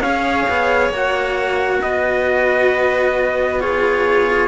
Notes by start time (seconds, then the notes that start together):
0.00 C#4 G#4 C#5 F5
0.49 B3
0.89 A#3 F#4
0.96 F#5
1.82 B3 B4 D#5
3.60 F4 G#4 C#5